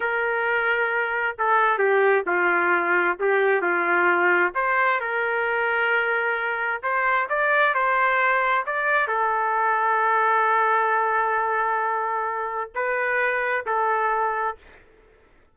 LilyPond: \new Staff \with { instrumentName = "trumpet" } { \time 4/4 \tempo 4 = 132 ais'2. a'4 | g'4 f'2 g'4 | f'2 c''4 ais'4~ | ais'2. c''4 |
d''4 c''2 d''4 | a'1~ | a'1 | b'2 a'2 | }